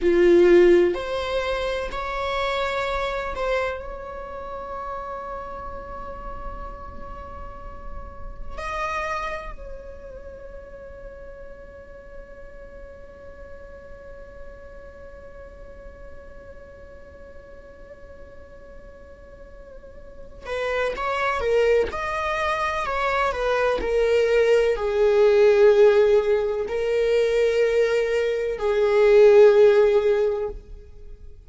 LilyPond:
\new Staff \with { instrumentName = "viola" } { \time 4/4 \tempo 4 = 63 f'4 c''4 cis''4. c''8 | cis''1~ | cis''4 dis''4 cis''2~ | cis''1~ |
cis''1~ | cis''4. b'8 cis''8 ais'8 dis''4 | cis''8 b'8 ais'4 gis'2 | ais'2 gis'2 | }